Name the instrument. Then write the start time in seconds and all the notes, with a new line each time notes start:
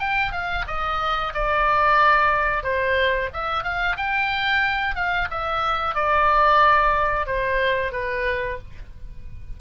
oboe
0.00 G5
0.32 F5
0.67 D#5
1.34 D5
2.64 C5
3.34 E5
3.64 F5
3.97 G5
4.96 F5
5.30 E5
5.95 D5
7.27 C5
7.92 B4